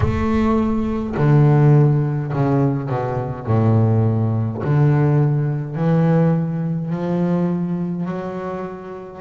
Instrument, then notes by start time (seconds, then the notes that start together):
double bass
0.00 A3
1.16 D3
2.32 C#3
2.88 B2
3.46 A2
4.63 D3
5.75 E3
6.90 F3
8.05 F#3